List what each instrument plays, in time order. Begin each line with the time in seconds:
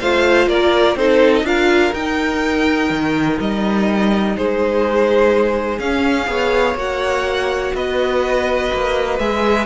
0.00 cello A3, viola F4, violin C5 F5
0.47 cello A#3, violin A#4 D5
0.96 cello C4, viola D#4, violin A4 C5
1.35 violin D#5
1.43 cello D4, viola F4, violin A#4 F5
1.93 cello D#4, viola D#4, violin G5
2.90 cello D#3
3.40 cello G3, violin D#5
4.37 cello G#3, violin G#4 C5
5.79 cello C#4, viola C#4, violin F5
6.27 cello B3, viola G#4, violin C#5
6.75 cello A#3, viola F#4, violin F#5
7.75 cello B3, violin B4 D#5
8.73 cello A#3
9.19 cello G#3, viola G#4, violin E5